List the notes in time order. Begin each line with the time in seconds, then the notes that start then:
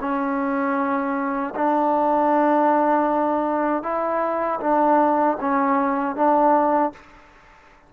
0.00 C#4
1.55 D4
3.82 E4
4.60 D4
5.40 C#4
6.15 D4